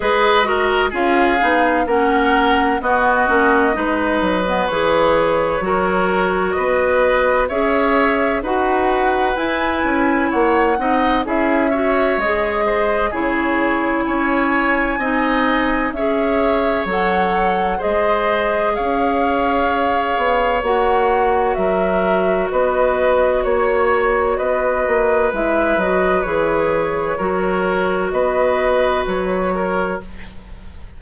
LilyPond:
<<
  \new Staff \with { instrumentName = "flute" } { \time 4/4 \tempo 4 = 64 dis''4 f''4 fis''4 dis''4~ | dis''4 cis''2 dis''4 | e''4 fis''4 gis''4 fis''4 | e''4 dis''4 cis''4 gis''4~ |
gis''4 e''4 fis''4 dis''4 | f''2 fis''4 e''4 | dis''4 cis''4 dis''4 e''8 dis''8 | cis''2 dis''4 cis''4 | }
  \new Staff \with { instrumentName = "oboe" } { \time 4/4 b'8 ais'8 gis'4 ais'4 fis'4 | b'2 ais'4 b'4 | cis''4 b'2 cis''8 dis''8 | gis'8 cis''4 c''8 gis'4 cis''4 |
dis''4 cis''2 c''4 | cis''2. ais'4 | b'4 cis''4 b'2~ | b'4 ais'4 b'4. ais'8 | }
  \new Staff \with { instrumentName = "clarinet" } { \time 4/4 gis'8 fis'8 f'8 dis'8 cis'4 b8 cis'8 | dis'8. b16 gis'4 fis'2 | gis'4 fis'4 e'4. dis'8 | e'8 fis'8 gis'4 e'2 |
dis'4 gis'4 a'4 gis'4~ | gis'2 fis'2~ | fis'2. e'8 fis'8 | gis'4 fis'2. | }
  \new Staff \with { instrumentName = "bassoon" } { \time 4/4 gis4 cis'8 b8 ais4 b8 ais8 | gis8 fis8 e4 fis4 b4 | cis'4 dis'4 e'8 cis'8 ais8 c'8 | cis'4 gis4 cis4 cis'4 |
c'4 cis'4 fis4 gis4 | cis'4. b8 ais4 fis4 | b4 ais4 b8 ais8 gis8 fis8 | e4 fis4 b4 fis4 | }
>>